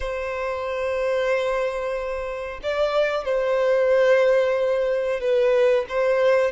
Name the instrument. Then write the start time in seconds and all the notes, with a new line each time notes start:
violin
0.00 C5
2.62 D5
3.24 C5
5.20 B4
5.89 C5